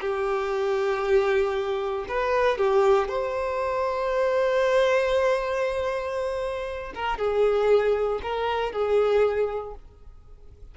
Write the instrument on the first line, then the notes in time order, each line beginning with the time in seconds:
violin
0.00 G4
2.08 B4
2.57 G4
3.08 C5
6.94 A#4
7.17 G#4
8.22 A#4
8.72 G#4